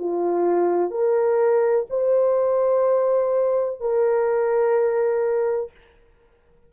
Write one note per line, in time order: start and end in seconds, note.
0.00 0.91 F4
0.91 1.86 A#4
1.90 3.81 C5
3.81 5.71 A#4